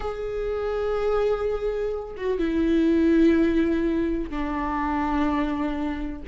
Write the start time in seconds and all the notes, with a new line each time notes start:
0.00 G#4
2.16 F#4
2.38 E4
4.30 D4